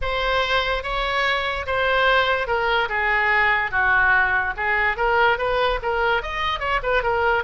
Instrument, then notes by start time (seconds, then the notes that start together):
oboe
0.01 C5
0.83 C#5
1.66 C5
2.47 A#4
2.89 G#4
3.71 F#4
4.56 G#4
4.96 A#4
5.38 B4
5.82 A#4
6.22 D#5
6.59 C#5
6.82 B4
7.03 A#4